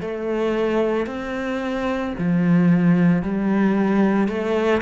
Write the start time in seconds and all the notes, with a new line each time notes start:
0.00 A3
1.06 C4
2.18 F3
3.22 G3
4.28 A3